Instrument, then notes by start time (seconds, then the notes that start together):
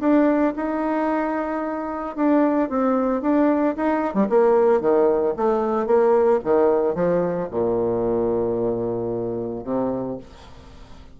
bassoon
0.00 D4
0.56 D#4
2.16 D4
2.69 C4
3.21 D4
3.76 D#4
4.14 G3
4.29 A#3
4.81 D#3
5.36 A3
5.86 A#3
6.44 D#3
6.95 F3
7.51 A#2
9.64 C3